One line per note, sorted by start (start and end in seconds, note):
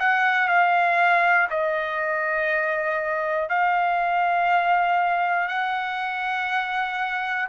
0.00 0.48 F#5
0.48 1.48 F5
1.50 3.50 D#5
3.50 5.48 F5
5.48 7.48 F#5